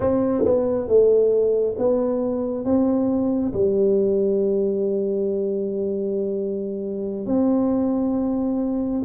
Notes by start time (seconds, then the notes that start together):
0.00 C4
0.45 B3
0.87 A3
1.78 B3
2.64 C4
3.53 G3
7.26 C4